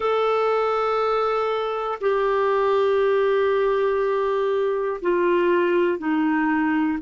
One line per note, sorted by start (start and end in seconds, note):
0.00 1.99 A4
2.00 5.00 G4
5.01 5.98 F4
5.98 6.98 D#4